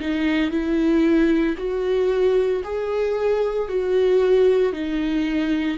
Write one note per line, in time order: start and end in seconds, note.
0.00 0.50 D#4
0.50 1.56 E4
1.57 2.63 F#4
2.64 3.68 G#4
3.68 4.73 F#4
4.73 5.78 D#4